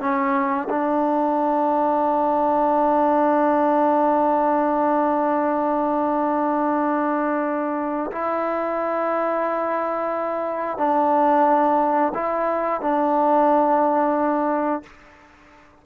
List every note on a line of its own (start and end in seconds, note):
0.00 0.67 C#4
0.69 8.11 D4
8.11 10.77 E4
10.77 12.12 D4
12.14 12.81 E4
12.81 14.83 D4